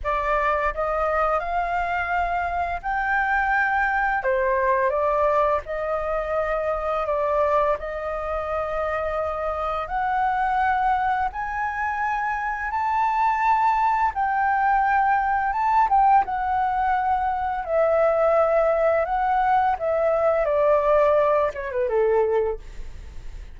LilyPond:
\new Staff \with { instrumentName = "flute" } { \time 4/4 \tempo 4 = 85 d''4 dis''4 f''2 | g''2 c''4 d''4 | dis''2 d''4 dis''4~ | dis''2 fis''2 |
gis''2 a''2 | g''2 a''8 g''8 fis''4~ | fis''4 e''2 fis''4 | e''4 d''4. cis''16 b'16 a'4 | }